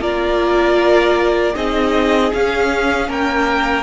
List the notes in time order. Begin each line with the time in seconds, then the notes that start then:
0.00 A#3 F4 A#4 D5
1.55 C4 D#4 G#4 D#5
2.32 C#4 F5
3.08 A#3 A#4 G5